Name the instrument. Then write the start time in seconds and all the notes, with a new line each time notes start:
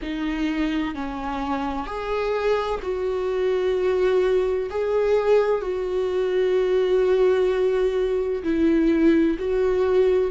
viola
0.02 D#4
0.94 C#4
1.86 G#4
2.82 F#4
4.70 G#4
5.61 F#4
8.43 E4
9.38 F#4